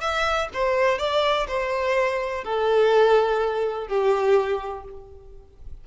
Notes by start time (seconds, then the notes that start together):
0.00 E5
0.53 C5
0.98 D5
1.48 C5
2.44 A4
3.87 G4